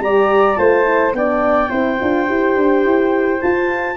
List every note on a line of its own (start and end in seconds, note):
0.00 0.57 G3
0.00 0.56 G4
0.00 0.59 D5
0.00 0.56 A#5
0.56 1.13 A3
0.56 0.84 F4
0.56 1.16 C5
0.56 1.12 A5
0.84 1.12 E4
1.13 1.70 B3
1.13 1.70 D4
1.13 1.70 D5
1.13 3.41 G5
1.70 2.00 C4
1.70 1.98 E4
1.70 3.96 C5
2.00 2.29 D4
2.00 2.27 F4
2.27 2.57 E4
2.27 3.40 G4
2.57 2.85 D4
2.85 3.41 E4
3.41 3.97 F4
3.41 3.97 A5